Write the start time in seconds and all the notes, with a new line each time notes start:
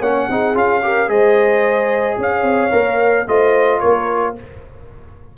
0.00 A#3 C#4 C#5 F#5
0.30 C4 D#4 G#4
0.54 C#4 F4 F5
0.82 G4 A#4
1.08 G#3 G#4 C5 D#5
2.18 C#4 C#5 F5
2.42 C4
2.71 A#3 A#4
3.27 A3 F4 C5 D#5
3.80 A#3 A#4 C#5